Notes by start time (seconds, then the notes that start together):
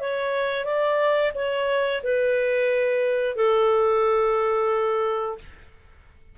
0.00 C#5
0.64 D5
1.35 C#5
2.03 B4
3.36 A4